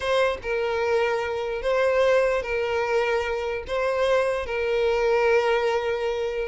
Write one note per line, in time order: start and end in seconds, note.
0.00 0.38 C5
0.42 1.61 A#4
1.61 2.42 C5
2.42 3.63 A#4
3.67 4.46 C5
4.46 6.48 A#4